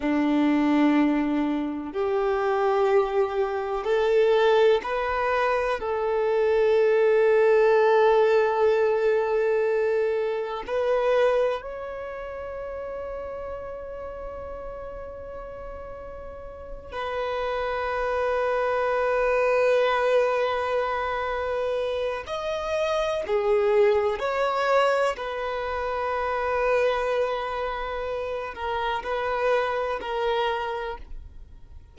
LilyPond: \new Staff \with { instrumentName = "violin" } { \time 4/4 \tempo 4 = 62 d'2 g'2 | a'4 b'4 a'2~ | a'2. b'4 | cis''1~ |
cis''4. b'2~ b'8~ | b'2. dis''4 | gis'4 cis''4 b'2~ | b'4. ais'8 b'4 ais'4 | }